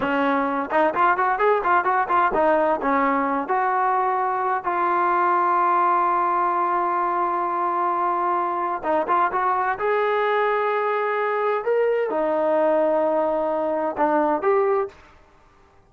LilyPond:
\new Staff \with { instrumentName = "trombone" } { \time 4/4 \tempo 4 = 129 cis'4. dis'8 f'8 fis'8 gis'8 f'8 | fis'8 f'8 dis'4 cis'4. fis'8~ | fis'2 f'2~ | f'1~ |
f'2. dis'8 f'8 | fis'4 gis'2.~ | gis'4 ais'4 dis'2~ | dis'2 d'4 g'4 | }